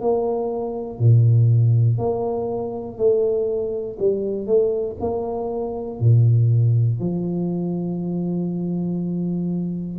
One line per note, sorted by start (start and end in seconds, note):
0.00 0.99 A#3
0.99 1.98 A#2
1.98 2.97 A#3
2.97 3.97 A3
3.99 4.46 G3
4.46 4.96 A3
5.00 5.99 A#3
5.99 6.99 A#2
7.00 9.99 F3